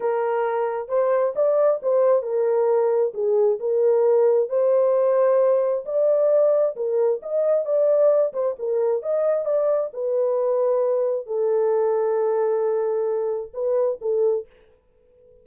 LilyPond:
\new Staff \with { instrumentName = "horn" } { \time 4/4 \tempo 4 = 133 ais'2 c''4 d''4 | c''4 ais'2 gis'4 | ais'2 c''2~ | c''4 d''2 ais'4 |
dis''4 d''4. c''8 ais'4 | dis''4 d''4 b'2~ | b'4 a'2.~ | a'2 b'4 a'4 | }